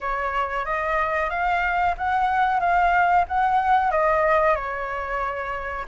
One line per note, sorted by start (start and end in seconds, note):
0.01 0.65 C#5
0.65 1.30 D#5
1.30 1.95 F5
1.97 2.59 F#5
2.59 3.25 F5
3.28 3.91 F#5
3.91 4.55 D#5
4.55 5.85 C#5